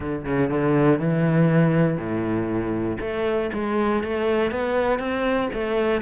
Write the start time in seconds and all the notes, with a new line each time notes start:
0.00 D3
0.25 C#3
0.49 D3
0.99 E3
1.97 A2
3.00 A3
3.53 G#3
4.03 A3
4.51 B3
4.99 C4
5.53 A3